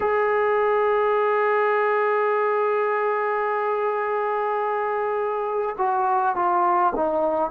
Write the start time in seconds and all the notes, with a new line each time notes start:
0.00 G#4
5.77 F#4
6.35 F4
6.95 D#4